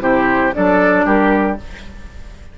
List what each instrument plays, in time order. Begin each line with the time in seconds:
0.00 bassoon C3, clarinet E4, oboe G4, flute C5
0.53 bassoon F#3, clarinet D4, oboe A4, flute D5
1.05 bassoon G3, oboe G4, flute A#4